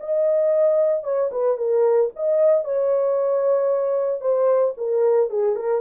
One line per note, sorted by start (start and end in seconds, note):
0.00 1.04 D#5
1.04 1.30 C#5
1.32 1.57 B4
1.57 2.10 A#4
2.16 2.64 D#5
2.64 4.21 C#5
4.21 4.74 C5
4.77 5.30 A#4
5.30 5.56 G#4
5.56 5.81 A#4